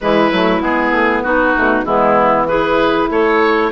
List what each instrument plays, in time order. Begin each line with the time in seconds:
0.00 bassoon E3, saxophone G#3, clarinet E4, oboe B4
0.31 bassoon F#3, saxophone A3
0.61 bassoon G#3, saxophone B3, oboe G#4
0.90 bassoon A3
1.23 bassoon B3, clarinet D#4, oboe F#4
1.54 bassoon B2, saxophone A3
1.83 bassoon E3, saxophone G#3, clarinet B3, oboe E4
2.47 saxophone E4, clarinet G#4, oboe B4
3.10 bassoon A3, clarinet A4, oboe C#5